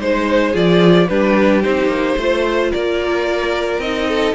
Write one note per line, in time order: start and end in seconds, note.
0.00 0.55 G#3
0.00 0.53 D#4
0.00 0.51 C5
0.00 0.56 C5
0.51 1.09 F3
0.51 1.07 F4
0.51 1.06 G#4
0.51 1.08 D5
1.08 1.64 G3
1.08 1.63 D4
1.08 2.17 G4
1.08 1.62 B4
1.62 1.87 C4
1.62 2.18 D#4
1.62 2.71 C5
1.87 2.14 A#3
2.17 2.72 A3
2.17 3.82 F4
2.17 2.71 C5
2.71 3.79 A#3
2.71 4.08 A#4
2.71 3.80 D5
3.79 4.33 C4
3.79 4.35 D#4
3.79 4.34 D#5
4.08 4.35 A4